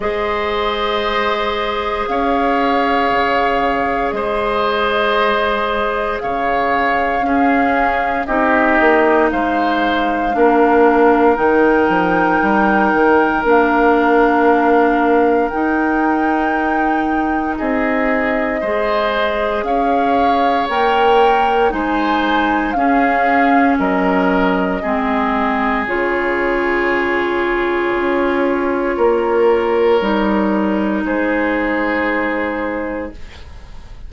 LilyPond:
<<
  \new Staff \with { instrumentName = "flute" } { \time 4/4 \tempo 4 = 58 dis''2 f''2 | dis''2 f''2 | dis''4 f''2 g''4~ | g''4 f''2 g''4~ |
g''4 dis''2 f''4 | g''4 gis''4 f''4 dis''4~ | dis''4 cis''2.~ | cis''2 c''2 | }
  \new Staff \with { instrumentName = "oboe" } { \time 4/4 c''2 cis''2 | c''2 cis''4 gis'4 | g'4 c''4 ais'2~ | ais'1~ |
ais'4 gis'4 c''4 cis''4~ | cis''4 c''4 gis'4 ais'4 | gis'1 | ais'2 gis'2 | }
  \new Staff \with { instrumentName = "clarinet" } { \time 4/4 gis'1~ | gis'2. cis'4 | dis'2 d'4 dis'4~ | dis'4 d'2 dis'4~ |
dis'2 gis'2 | ais'4 dis'4 cis'2 | c'4 f'2.~ | f'4 dis'2. | }
  \new Staff \with { instrumentName = "bassoon" } { \time 4/4 gis2 cis'4 cis4 | gis2 cis4 cis'4 | c'8 ais8 gis4 ais4 dis8 f8 | g8 dis8 ais2 dis'4~ |
dis'4 c'4 gis4 cis'4 | ais4 gis4 cis'4 fis4 | gis4 cis2 cis'4 | ais4 g4 gis2 | }
>>